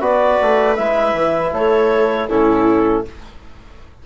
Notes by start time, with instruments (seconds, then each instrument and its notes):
0.00 bassoon B3, trombone F#4, viola B4, clarinet D5
0.42 bassoon A3
0.75 bassoon G#3, trombone E4, clarinet E5
1.13 bassoon E3
1.52 bassoon A3, viola A4, clarinet C#5
2.29 bassoon A2, trombone C#4, viola E4, clarinet A4